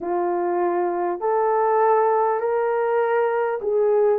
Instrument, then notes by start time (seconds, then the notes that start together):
horn
0.00 F4
1.20 A4
2.39 A#4
3.61 G#4